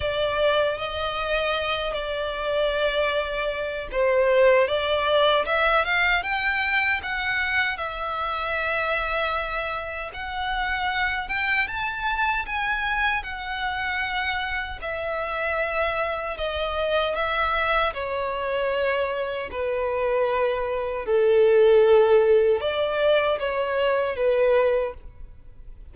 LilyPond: \new Staff \with { instrumentName = "violin" } { \time 4/4 \tempo 4 = 77 d''4 dis''4. d''4.~ | d''4 c''4 d''4 e''8 f''8 | g''4 fis''4 e''2~ | e''4 fis''4. g''8 a''4 |
gis''4 fis''2 e''4~ | e''4 dis''4 e''4 cis''4~ | cis''4 b'2 a'4~ | a'4 d''4 cis''4 b'4 | }